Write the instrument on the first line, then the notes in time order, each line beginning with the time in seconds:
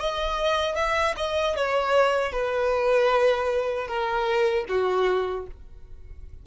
violin
0.00 D#5
0.76 E5
1.17 D#5
1.56 C#5
2.32 B4
3.87 A#4
4.68 F#4